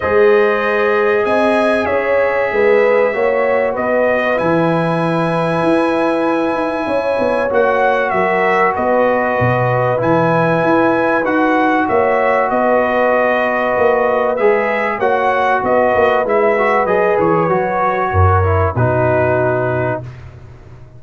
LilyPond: <<
  \new Staff \with { instrumentName = "trumpet" } { \time 4/4 \tempo 4 = 96 dis''2 gis''4 e''4~ | e''2 dis''4 gis''4~ | gis''1 | fis''4 e''4 dis''2 |
gis''2 fis''4 e''4 | dis''2. e''4 | fis''4 dis''4 e''4 dis''8 cis''8~ | cis''2 b'2 | }
  \new Staff \with { instrumentName = "horn" } { \time 4/4 c''2 dis''4 cis''4 | b'4 cis''4 b'2~ | b'2. cis''4~ | cis''4 ais'4 b'2~ |
b'2. cis''4 | b'1 | cis''4 b'2.~ | b'4 ais'4 fis'2 | }
  \new Staff \with { instrumentName = "trombone" } { \time 4/4 gis'1~ | gis'4 fis'2 e'4~ | e'1 | fis'1 |
e'2 fis'2~ | fis'2. gis'4 | fis'2 e'8 fis'8 gis'4 | fis'4. e'8 dis'2 | }
  \new Staff \with { instrumentName = "tuba" } { \time 4/4 gis2 c'4 cis'4 | gis4 ais4 b4 e4~ | e4 e'4. dis'8 cis'8 b8 | ais4 fis4 b4 b,4 |
e4 e'4 dis'4 ais4 | b2 ais4 gis4 | ais4 b8 ais8 gis4 fis8 e8 | fis4 fis,4 b,2 | }
>>